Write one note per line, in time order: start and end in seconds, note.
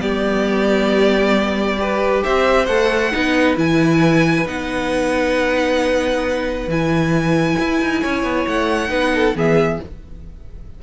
0.00 2.23 G3
0.00 1.77 B3
0.00 1.79 G4
0.00 2.23 D5
1.77 2.66 G4
1.77 2.24 B4
2.24 2.68 C4
2.24 3.12 C5
2.24 2.66 E5
2.66 3.12 A3
2.66 3.12 A4
2.66 3.55 F#5
3.12 3.57 B3
3.12 3.56 D#4
3.12 8.01 B4
3.56 4.46 E3
3.56 4.45 E4
3.56 4.47 G#5
4.45 6.67 B3
4.45 6.67 D#4
4.45 6.70 F#5
6.67 7.56 E3
6.67 8.88 E4
6.67 8.47 G#5
7.59 7.81 E4
7.81 8.03 D#4
8.01 8.23 C#4
8.01 8.90 C#5
8.23 8.45 B3
8.47 8.90 A3
8.47 9.36 F#5
8.88 9.34 B3
8.88 9.33 D#4
8.88 9.12 B4
9.14 9.36 A4
9.34 9.79 E3
9.34 9.80 B3
9.34 9.81 G#4
9.34 9.82 E5